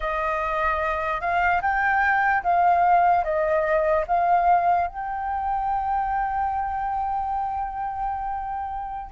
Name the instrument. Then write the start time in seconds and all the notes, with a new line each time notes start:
flute
0.00 D#5
1.21 F5
1.61 G5
2.43 F5
3.24 D#5
4.07 F5
4.87 G5